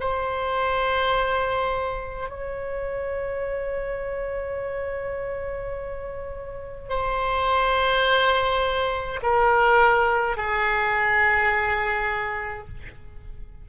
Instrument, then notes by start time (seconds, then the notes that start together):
oboe
0.00 C5
2.29 C#5
6.89 C5
9.22 A#4
10.36 G#4